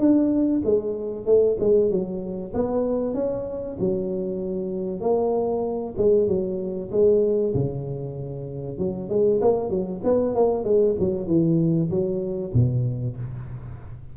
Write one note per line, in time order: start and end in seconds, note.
0.00 0.62 D4
0.65 1.26 G#3
1.26 1.57 A3
1.60 1.91 G#3
1.91 2.54 F#3
2.55 3.15 B3
3.15 3.77 C#4
3.80 5.01 F#3
5.01 5.95 A#3
5.98 6.28 G#3
6.28 6.91 F#3
6.92 7.54 G#3
7.55 8.78 C#3
8.78 9.10 F#3
9.10 9.41 G#3
9.42 9.70 A#3
9.70 10.02 F#3
10.05 10.36 B3
10.36 10.65 A#3
10.65 10.96 G#3
11.00 11.28 F#3
11.28 11.90 E3
11.91 12.53 F#3
12.55 13.17 B2